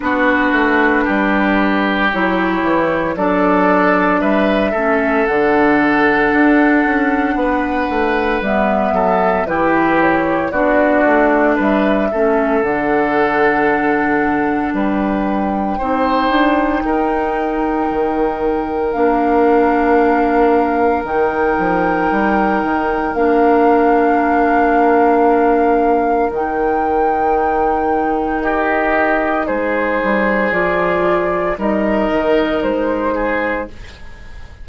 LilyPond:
<<
  \new Staff \with { instrumentName = "flute" } { \time 4/4 \tempo 4 = 57 b'2 cis''4 d''4 | e''4 fis''2. | e''4 b'8 cis''8 d''4 e''4 | fis''2 g''2~ |
g''2 f''2 | g''2 f''2~ | f''4 g''2 dis''4 | c''4 d''4 dis''4 c''4 | }
  \new Staff \with { instrumentName = "oboe" } { \time 4/4 fis'4 g'2 a'4 | b'8 a'2~ a'8 b'4~ | b'8 a'8 g'4 fis'4 b'8 a'8~ | a'2 b'4 c''4 |
ais'1~ | ais'1~ | ais'2. g'4 | gis'2 ais'4. gis'8 | }
  \new Staff \with { instrumentName = "clarinet" } { \time 4/4 d'2 e'4 d'4~ | d'8 cis'8 d'2. | b4 e'4 d'4. cis'8 | d'2. dis'4~ |
dis'2 d'2 | dis'2 d'2~ | d'4 dis'2.~ | dis'4 f'4 dis'2 | }
  \new Staff \with { instrumentName = "bassoon" } { \time 4/4 b8 a8 g4 fis8 e8 fis4 | g8 a8 d4 d'8 cis'8 b8 a8 | g8 fis8 e4 b8 a8 g8 a8 | d2 g4 c'8 d'8 |
dis'4 dis4 ais2 | dis8 f8 g8 dis8 ais2~ | ais4 dis2. | gis8 g8 f4 g8 dis8 gis4 | }
>>